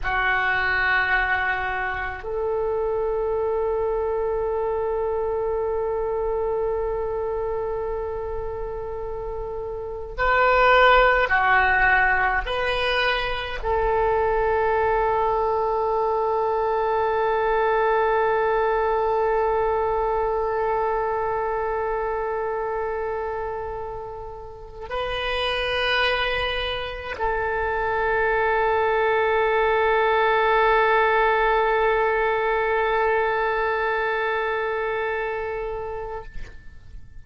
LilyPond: \new Staff \with { instrumentName = "oboe" } { \time 4/4 \tempo 4 = 53 fis'2 a'2~ | a'1~ | a'4 b'4 fis'4 b'4 | a'1~ |
a'1~ | a'2 b'2 | a'1~ | a'1 | }